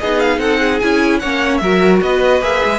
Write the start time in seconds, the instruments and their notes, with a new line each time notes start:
0.00 cello B3, viola D#4, violin G#4 D#5
0.20 violin F5
0.39 cello C4, violin A4 F#5
0.60 violin G#4
0.80 cello C#4, viola E4, violin G#5
1.20 cello A#3, viola C#4, violin C#5 F#5
1.58 cello F#3, viola F#4, violin A#4 E5
2.02 cello B3, violin B4 D#5
2.42 cello A#3, viola G#4, violin E5
2.66 cello G#3